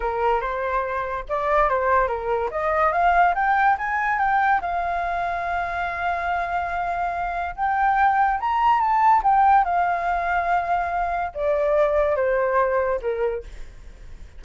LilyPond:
\new Staff \with { instrumentName = "flute" } { \time 4/4 \tempo 4 = 143 ais'4 c''2 d''4 | c''4 ais'4 dis''4 f''4 | g''4 gis''4 g''4 f''4~ | f''1~ |
f''2 g''2 | ais''4 a''4 g''4 f''4~ | f''2. d''4~ | d''4 c''2 ais'4 | }